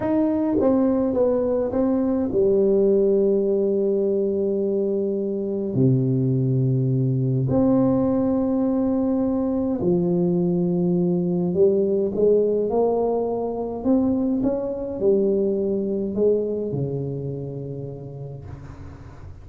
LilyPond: \new Staff \with { instrumentName = "tuba" } { \time 4/4 \tempo 4 = 104 dis'4 c'4 b4 c'4 | g1~ | g2 c2~ | c4 c'2.~ |
c'4 f2. | g4 gis4 ais2 | c'4 cis'4 g2 | gis4 cis2. | }